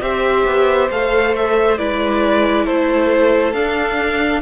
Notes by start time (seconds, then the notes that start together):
0.00 C4 G4 C5 E5
0.45 B3
0.90 A3 A4 F5
1.35 E5
1.77 G#3 E4 B4 D5
2.65 A3 A4 C5
3.53 D4 F5